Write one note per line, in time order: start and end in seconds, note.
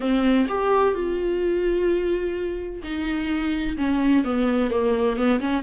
0.00 0.46 C4
0.48 0.94 G4
0.94 2.81 F4
2.83 3.76 D#4
3.77 4.24 C#4
4.24 4.70 B3
4.70 5.16 A#3
5.16 5.39 B3
5.40 5.63 C#4